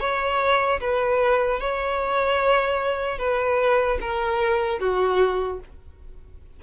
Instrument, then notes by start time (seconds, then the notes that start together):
violin
0.00 C#5
0.80 B4
1.60 C#5
3.18 B4
4.01 A#4
4.79 F#4